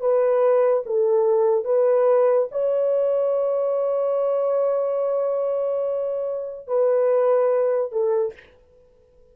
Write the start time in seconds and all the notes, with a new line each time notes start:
0.00 B4
0.86 A4
1.64 B4
2.51 C#5
6.67 B4
7.92 A4